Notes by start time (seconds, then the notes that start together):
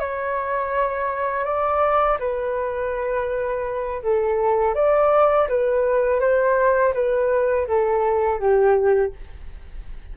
0.00 C#5
1.45 D5
2.20 B4
4.03 A4
4.75 D5
5.49 B4
6.21 C5
6.94 B4
7.67 A4
8.40 G4